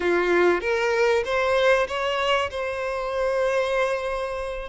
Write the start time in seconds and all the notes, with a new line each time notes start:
0.00 F4
0.61 A#4
1.24 C5
1.87 C#5
2.50 C5